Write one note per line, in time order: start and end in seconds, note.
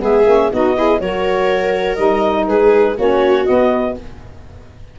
0.00 0.26 G#3
0.00 0.25 B3
0.00 0.52 G#4
0.00 0.52 E5
0.26 0.51 A#3
0.26 0.51 C#4
0.53 1.01 B3
0.53 0.75 D#4
0.53 0.77 F#4
0.53 1.01 D#5
0.75 1.00 E4
0.75 1.02 G#4
1.01 1.99 F#3
1.01 1.97 F#4
1.01 2.49 A#4
1.01 1.96 C#5
1.96 2.48 G3
1.96 2.95 D#4
1.96 2.45 D#5
2.48 2.97 G#3
2.48 2.98 G#4
2.48 2.97 B4
2.98 3.48 A#3
2.98 3.46 C#4
2.98 3.96 F#4
2.98 3.46 C#5
3.46 3.95 B3
3.46 3.99 B3
3.46 3.95 D#5